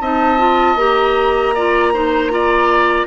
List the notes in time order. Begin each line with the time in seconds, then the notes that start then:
0.00 C4 D#4 D#5 A5
0.37 F4
0.75 A#3 G4 A#5
1.54 F4 D5
1.93 D#4 C5
2.30 F4 D5